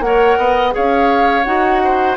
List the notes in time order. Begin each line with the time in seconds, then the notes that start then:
0.00 A#3 A#4 C#5 F#5
0.38 B3 D#5
0.72 G#4 C#5 F5
0.78 C#4
1.44 D#4 F#4 F#5
1.84 C5